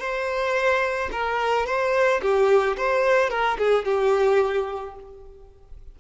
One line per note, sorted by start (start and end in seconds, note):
0.00 1.10 C5
1.12 1.66 A#4
1.66 2.21 C5
2.22 2.77 G4
2.77 3.30 C5
3.30 3.58 A#4
3.59 3.85 G#4
3.85 4.95 G4